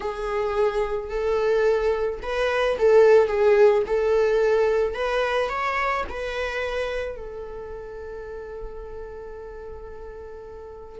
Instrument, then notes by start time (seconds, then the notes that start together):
viola
0.00 G#4
1.09 A4
2.22 B4
2.78 A4
3.27 G#4
3.86 A4
4.94 B4
5.49 C#5
6.09 B4
7.16 A4